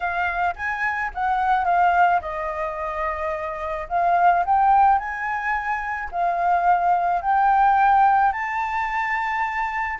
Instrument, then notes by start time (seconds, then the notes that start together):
flute
0.00 F5
0.55 G#5
1.14 F#5
1.65 F5
2.21 D#5
3.88 F5
4.45 G5
4.98 G#5
6.11 F5
7.21 G5
8.32 A5